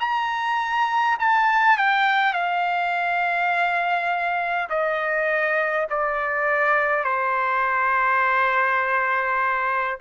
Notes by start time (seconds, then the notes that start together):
0.00 A#5
1.19 A5
1.78 G5
2.33 F5
4.70 D#5
5.90 D5
7.04 C5